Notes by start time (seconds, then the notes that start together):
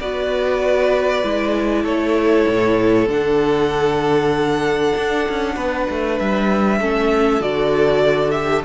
0.00 B3 F#4 B4 D5
1.23 G#3 E4
1.83 A3 A4 C#5
2.48 A2
3.08 D3 D4 F#5
4.96 D4
5.29 C#4
5.56 B3 B4
5.90 A3
6.19 G3 E5
6.81 A3 C#4 A4
7.40 D3 F#4 D5
8.31 G4 E5